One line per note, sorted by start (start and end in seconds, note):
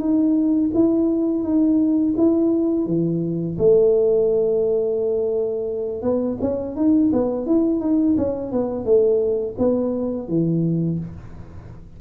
0.00 0.71 D#4
0.74 1.43 E4
1.43 2.14 D#4
2.17 2.87 E4
2.87 3.57 E3
3.58 6.02 A3
6.02 6.38 B3
6.41 6.76 C#4
6.76 7.11 D#4
7.13 7.46 B3
7.46 7.80 E4
7.80 8.16 D#4
8.18 8.52 C#4
8.52 8.85 B3
8.85 9.56 A3
9.58 10.28 B3
10.28 10.99 E3